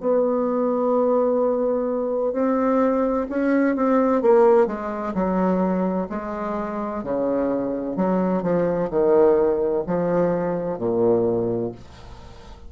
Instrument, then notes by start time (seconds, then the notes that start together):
bassoon
0.00 B3
2.33 C4
3.30 C#4
3.76 C4
4.22 A#3
4.67 G#3
5.15 F#3
6.10 G#3
7.04 C#3
7.96 F#3
8.43 F3
8.91 D#3
9.87 F3
10.79 A#2